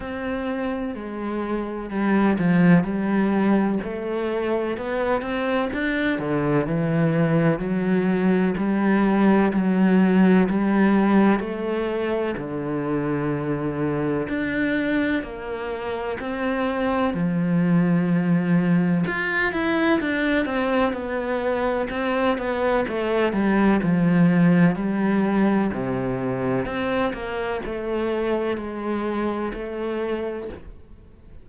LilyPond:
\new Staff \with { instrumentName = "cello" } { \time 4/4 \tempo 4 = 63 c'4 gis4 g8 f8 g4 | a4 b8 c'8 d'8 d8 e4 | fis4 g4 fis4 g4 | a4 d2 d'4 |
ais4 c'4 f2 | f'8 e'8 d'8 c'8 b4 c'8 b8 | a8 g8 f4 g4 c4 | c'8 ais8 a4 gis4 a4 | }